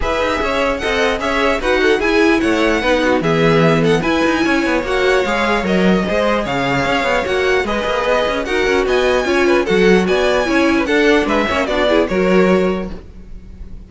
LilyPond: <<
  \new Staff \with { instrumentName = "violin" } { \time 4/4 \tempo 4 = 149 e''2 fis''4 e''4 | fis''4 gis''4 fis''2 | e''4. fis''8 gis''2 | fis''4 f''4 dis''2 |
f''2 fis''4 dis''4~ | dis''4 fis''4 gis''2 | fis''4 gis''2 fis''4 | e''4 d''4 cis''2 | }
  \new Staff \with { instrumentName = "violin" } { \time 4/4 b'4 cis''4 dis''4 cis''4 | b'8 a'8 gis'4 cis''4 b'8 fis'8 | gis'4. a'8 b'4 cis''4~ | cis''2. c''4 |
cis''2. b'4~ | b'4 ais'4 dis''4 cis''8 b'8 | a'4 d''4 cis''8. b'16 a'4 | b'8 cis''8 fis'8 gis'8 ais'2 | }
  \new Staff \with { instrumentName = "viola" } { \time 4/4 gis'2 a'4 gis'4 | fis'4 e'2 dis'4 | b2 e'2 | fis'4 gis'4 ais'4 gis'4~ |
gis'2 fis'4 gis'4~ | gis'4 fis'2 f'4 | fis'2 e'4 d'4~ | d'8 cis'8 d'8 e'8 fis'2 | }
  \new Staff \with { instrumentName = "cello" } { \time 4/4 e'8 dis'8 cis'4 c'4 cis'4 | dis'4 e'4 a4 b4 | e2 e'8 dis'8 cis'8 b8 | ais4 gis4 fis4 gis4 |
cis4 cis'8 b8 ais4 gis8 ais8 | b8 cis'8 dis'8 cis'8 b4 cis'4 | fis4 b4 cis'4 d'4 | gis8 ais8 b4 fis2 | }
>>